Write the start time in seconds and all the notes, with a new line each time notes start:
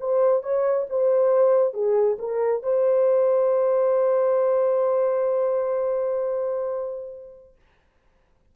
0.00 C5
0.43 C#5
0.90 C5
1.74 G#4
2.19 A#4
2.63 C5